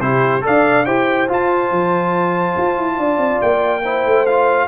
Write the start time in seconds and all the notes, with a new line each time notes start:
0.00 C3 E4 G4 C5
0.41 D4 A4 D5 F5
0.85 E4 G4 C5 G5
1.28 F4 A5
1.71 F3
2.57 F4
2.77 E4
2.98 D4 D5
3.17 C4
3.41 A#3 G5
3.83 E4 C5
4.05 A3
4.26 F4 F5